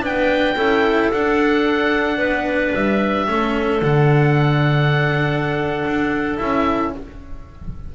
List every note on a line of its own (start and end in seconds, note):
0.00 0.55 B3
0.00 0.54 D4
0.00 0.56 B4
0.00 1.11 G5
0.55 1.09 C#4
0.55 1.12 E4
0.55 2.17 A4
1.11 2.18 D4
1.11 3.27 D4
1.11 2.73 F#5
2.17 2.72 B3
2.17 3.25 B4
2.74 3.27 G3
2.74 3.82 E5
3.27 3.81 A3
3.27 3.81 C#4
3.27 6.93 A4
3.81 5.84 D3
3.81 6.37 D4
3.81 6.37 F#5
5.85 6.39 D4
6.37 6.94 C#4
6.37 6.91 E4
6.37 6.91 E5